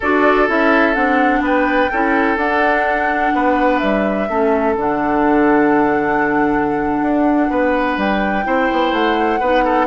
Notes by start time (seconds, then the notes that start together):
0.00 D4 F#4 A4 D5
0.47 C#4 E4 E5
0.94 C4 D4 F#5
1.40 B3 B4 G5
1.91 C#4 E4 A4
2.37 D4 F#5
3.34 B3 B4
3.78 G3 E5
4.29 A3 C#4 A4
4.76 D3 D4 F#5
7.01 D4
7.49 B3 B4
7.97 G3 G5
8.44 C4 E4 C5
8.71 B3
8.92 A3 F#5
9.40 B3 D#4 B4
9.64 A4